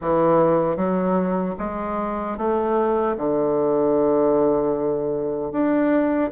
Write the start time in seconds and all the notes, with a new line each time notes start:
0.01 E3
0.76 F#3
1.58 G#3
2.37 A3
3.17 D3
5.52 D4